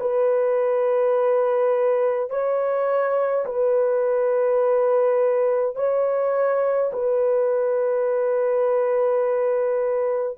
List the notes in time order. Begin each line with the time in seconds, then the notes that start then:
0.00 B4
2.30 C#5
3.46 B4
5.76 C#5
6.93 B4